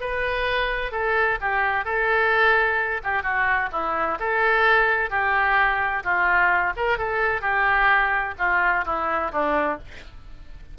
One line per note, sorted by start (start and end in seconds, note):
0.00 0.91 B4
0.91 1.38 A4
1.40 1.84 G4
1.84 3.01 A4
3.03 3.22 G4
3.22 3.69 F#4
3.71 4.18 E4
4.19 5.10 A4
5.10 6.03 G4
6.03 6.73 F4
6.76 6.97 A#4
6.97 7.41 A4
7.41 8.34 G4
8.38 8.84 F4
8.85 9.31 E4
9.31 9.78 D4